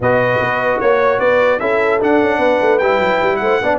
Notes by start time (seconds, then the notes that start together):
0.00 B2 F#4 B4 D#5
0.40 B3
0.79 A#3 C#5
1.19 B3 B4 D5
1.59 C#4 E4 A4 E5
2.00 D4 F#5
2.22 C#4
2.37 B3 B4
2.60 A3
2.78 G3 E4 G5
2.99 F#3
3.21 G3
3.36 A3 C5 F#5
3.62 B3 D4 D5